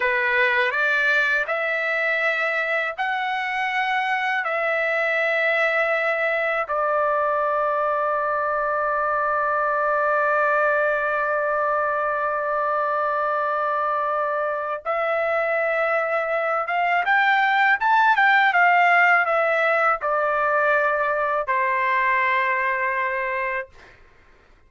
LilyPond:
\new Staff \with { instrumentName = "trumpet" } { \time 4/4 \tempo 4 = 81 b'4 d''4 e''2 | fis''2 e''2~ | e''4 d''2.~ | d''1~ |
d''1 | e''2~ e''8 f''8 g''4 | a''8 g''8 f''4 e''4 d''4~ | d''4 c''2. | }